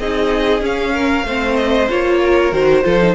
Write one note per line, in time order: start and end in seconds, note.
0.00 0.62 C4
0.00 0.62 D#4
0.00 0.94 G#4
0.00 0.63 D#5
0.62 1.25 C#4
0.62 1.24 C#4
0.62 1.56 F5
0.94 1.26 A#4
1.24 1.88 A3
1.24 1.90 C4
1.24 2.21 C5
1.56 1.88 D#5
1.90 2.52 A#3
1.90 2.53 F4
1.90 2.54 C#5
2.21 2.84 A#4
2.52 2.84 D#3
2.52 2.83 F#4
2.52 3.16 C5
2.83 3.16 F3
2.83 2.99 F4
2.83 3.16 A4
3.01 3.16 D#4